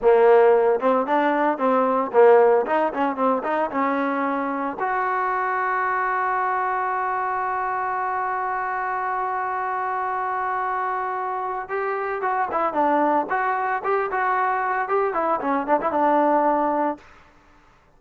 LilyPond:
\new Staff \with { instrumentName = "trombone" } { \time 4/4 \tempo 4 = 113 ais4. c'8 d'4 c'4 | ais4 dis'8 cis'8 c'8 dis'8 cis'4~ | cis'4 fis'2.~ | fis'1~ |
fis'1~ | fis'2 g'4 fis'8 e'8 | d'4 fis'4 g'8 fis'4. | g'8 e'8 cis'8 d'16 e'16 d'2 | }